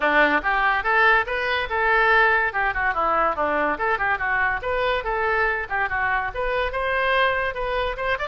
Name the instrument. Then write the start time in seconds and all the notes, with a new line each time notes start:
oboe
0.00 D4
0.43 G4
0.83 A4
1.26 B4
1.69 A4
2.53 G4
2.74 F#4
2.94 E4
3.35 D4
3.78 A4
3.98 G4
4.18 F#4
4.62 B4
5.04 A4
5.69 G4
5.89 F#4
6.34 B4
6.72 C5
7.54 B4
7.96 C5
8.19 D5